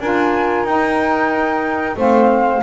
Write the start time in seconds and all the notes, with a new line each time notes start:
0.00 D4 F4 A#4 G#5
0.64 D#4 G5
1.97 A3 C4 C5 F5